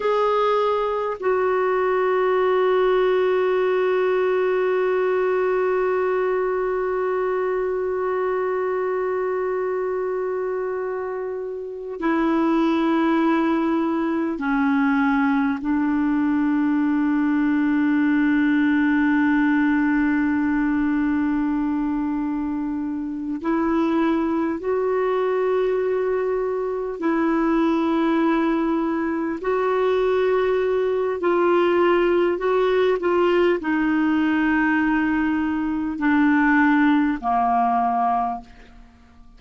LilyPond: \new Staff \with { instrumentName = "clarinet" } { \time 4/4 \tempo 4 = 50 gis'4 fis'2.~ | fis'1~ | fis'2 e'2 | cis'4 d'2.~ |
d'2.~ d'8 e'8~ | e'8 fis'2 e'4.~ | e'8 fis'4. f'4 fis'8 f'8 | dis'2 d'4 ais4 | }